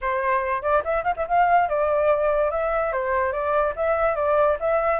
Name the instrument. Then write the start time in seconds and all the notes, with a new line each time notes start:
flute
0.01 C5
0.62 D5
0.84 E5
1.03 F5
1.16 E5
1.27 F5
1.69 D5
2.50 E5
2.92 C5
3.32 D5
3.76 E5
4.15 D5
4.60 E5